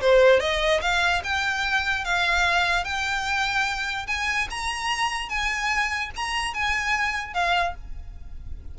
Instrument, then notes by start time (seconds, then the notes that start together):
violin
0.00 C5
0.40 D#5
0.81 F5
1.24 G5
2.04 F5
2.84 G5
4.07 G#5
4.50 A#5
5.28 G#5
6.15 A#5
6.53 G#5
7.33 F5